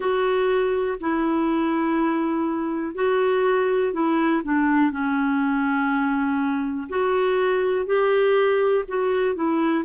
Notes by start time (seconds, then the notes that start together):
0.00 F#4
1.00 E4
2.94 F#4
3.93 E4
4.43 D4
4.91 C#4
6.89 F#4
7.86 G4
8.87 F#4
9.34 E4